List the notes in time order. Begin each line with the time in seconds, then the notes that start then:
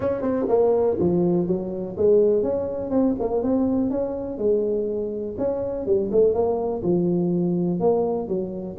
0.00 C#4
0.21 C4
0.48 A#3
0.99 F3
1.47 F#3
1.97 G#3
2.42 C#4
2.90 C4
3.19 A#3
3.42 C4
3.90 C#4
4.38 G#3
5.38 C#4
5.85 G3
6.11 A3
6.33 A#3
6.82 F3
7.79 A#3
8.28 F#3